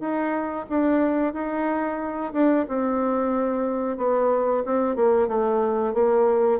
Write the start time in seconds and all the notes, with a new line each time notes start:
0.00 D#4
0.69 D4
1.33 D#4
2.33 D4
2.68 C4
3.97 B3
4.65 C4
4.95 A#3
5.28 A3
5.94 A#3